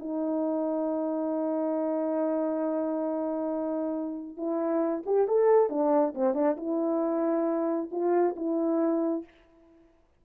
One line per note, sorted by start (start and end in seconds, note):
0.00 4.37 D#4
4.37 5.04 E4
5.06 5.28 G4
5.28 5.70 A4
5.70 6.14 D4
6.15 6.35 C4
6.35 6.57 D4
6.58 7.90 E4
7.92 8.36 F4
8.37 9.25 E4